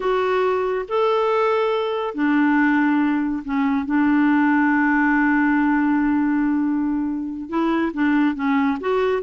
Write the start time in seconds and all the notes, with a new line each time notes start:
0.00 F#4
0.88 A4
2.14 D4
3.44 C#4
3.85 D4
7.49 E4
7.93 D4
8.35 C#4
8.80 F#4